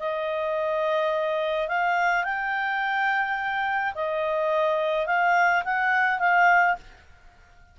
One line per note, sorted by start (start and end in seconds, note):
0.00 1.68 D#5
1.68 2.24 F5
2.24 3.94 G5
3.95 5.07 D#5
5.07 5.63 F5
5.64 6.20 F#5
6.20 6.76 F5